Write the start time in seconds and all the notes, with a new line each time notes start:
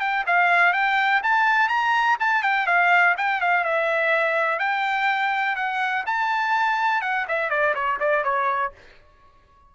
0.00 G5
0.26 F5
0.73 G5
1.23 A5
1.69 A#5
2.20 A5
2.43 G5
2.67 F5
3.18 G5
3.41 F5
3.64 E5
4.59 G5
5.56 F#5
6.06 A5
7.01 F#5
7.28 E5
7.50 D5
7.74 C#5
8.00 D5
8.24 C#5